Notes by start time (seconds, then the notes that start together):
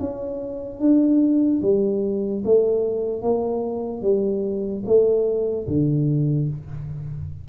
0.00 C#4
0.80 D4
1.62 G3
2.45 A3
3.22 A#3
4.02 G3
4.86 A3
5.68 D3